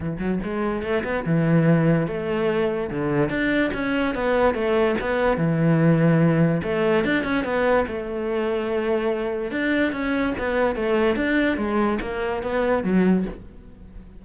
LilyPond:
\new Staff \with { instrumentName = "cello" } { \time 4/4 \tempo 4 = 145 e8 fis8 gis4 a8 b8 e4~ | e4 a2 d4 | d'4 cis'4 b4 a4 | b4 e2. |
a4 d'8 cis'8 b4 a4~ | a2. d'4 | cis'4 b4 a4 d'4 | gis4 ais4 b4 fis4 | }